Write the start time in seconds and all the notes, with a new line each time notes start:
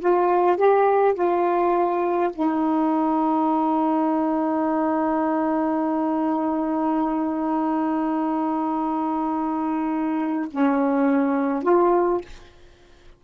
0.00 F4
0.57 G4
1.14 F4
2.33 D#4
10.51 C#4
11.63 F4